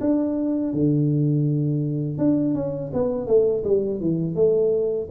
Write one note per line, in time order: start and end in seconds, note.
0.00 0.73 D4
0.73 2.18 D3
2.18 2.54 D4
2.54 2.91 C#4
2.93 3.27 B3
3.27 3.63 A3
3.64 4.00 G3
4.00 4.35 E3
4.35 5.08 A3